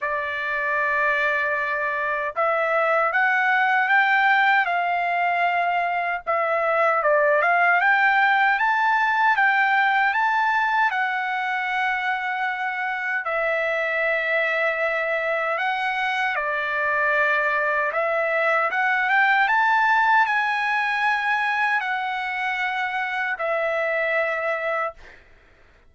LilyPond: \new Staff \with { instrumentName = "trumpet" } { \time 4/4 \tempo 4 = 77 d''2. e''4 | fis''4 g''4 f''2 | e''4 d''8 f''8 g''4 a''4 | g''4 a''4 fis''2~ |
fis''4 e''2. | fis''4 d''2 e''4 | fis''8 g''8 a''4 gis''2 | fis''2 e''2 | }